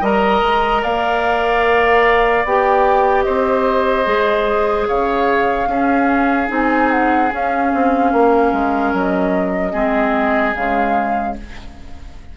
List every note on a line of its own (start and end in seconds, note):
0.00 0.42 G3
0.00 2.45 A#4
0.00 0.81 D#5
0.00 0.83 A#5
0.42 0.83 G#3
0.82 2.44 A#3
0.82 3.25 D5
0.82 2.45 F5
2.44 3.25 B3
2.44 4.04 G4
2.44 3.22 G5
3.22 4.06 C4
3.22 4.87 C5
3.22 4.84 D#5
4.04 4.87 G#3
4.04 5.67 G#4
4.87 5.66 C#3
4.87 5.68 C#5
4.87 6.50 F5
5.66 6.47 C#4
5.66 6.48 C#4
5.66 8.12 G#4
6.48 7.31 C4
6.48 7.29 D#4
6.48 6.91 G#5
6.91 7.32 F#5
7.30 9.72 C#4
7.30 7.72 C#4
7.30 8.95 F5
7.73 8.12 C4
8.12 8.52 A#3
8.12 9.72 A#4
8.52 8.93 G#3
8.93 9.73 F#3
8.93 10.54 D#5
9.72 10.54 G#3
9.72 10.53 C4
9.72 11.34 G#4
10.54 11.36 C#3
10.54 11.36 G#3
10.54 11.35 F5